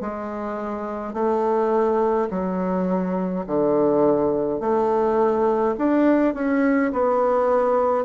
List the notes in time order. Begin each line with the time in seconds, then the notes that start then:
0.00 G#3
1.13 A3
2.30 F#3
3.46 D3
4.60 A3
5.77 D4
6.34 C#4
6.92 B3